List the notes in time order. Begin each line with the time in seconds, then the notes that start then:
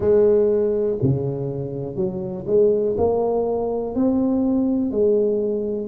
0.00 G#3
1.01 C#3
1.95 F#3
2.46 G#3
2.97 A#3
3.95 C4
4.91 G#3